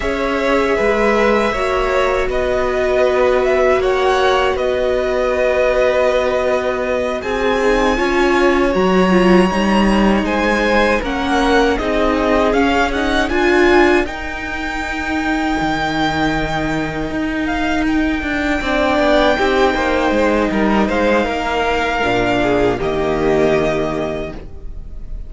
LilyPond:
<<
  \new Staff \with { instrumentName = "violin" } { \time 4/4 \tempo 4 = 79 e''2. dis''4~ | dis''8 e''8 fis''4 dis''2~ | dis''4. gis''2 ais''8~ | ais''4. gis''4 fis''4 dis''8~ |
dis''8 f''8 fis''8 gis''4 g''4.~ | g''2. f''8 g''8~ | g''2.~ g''8 f''8~ | f''2 dis''2 | }
  \new Staff \with { instrumentName = "violin" } { \time 4/4 cis''4 b'4 cis''4 b'4~ | b'4 cis''4 b'2~ | b'4. gis'4 cis''4.~ | cis''4. c''4 ais'4 gis'8~ |
gis'4. ais'2~ ais'8~ | ais'1~ | ais'8 d''4 g'8 c''4 ais'8 c''8 | ais'4. gis'8 g'2 | }
  \new Staff \with { instrumentName = "viola" } { \time 4/4 gis'2 fis'2~ | fis'1~ | fis'2 dis'8 f'4 fis'8 | f'8 dis'2 cis'4 dis'8~ |
dis'8 cis'8 dis'8 f'4 dis'4.~ | dis'1~ | dis'8 d'4 dis'2~ dis'8~ | dis'4 d'4 ais2 | }
  \new Staff \with { instrumentName = "cello" } { \time 4/4 cis'4 gis4 ais4 b4~ | b4 ais4 b2~ | b4. c'4 cis'4 fis8~ | fis8 g4 gis4 ais4 c'8~ |
c'8 cis'4 d'4 dis'4.~ | dis'8 dis2 dis'4. | d'8 c'8 b8 c'8 ais8 gis8 g8 gis8 | ais4 ais,4 dis2 | }
>>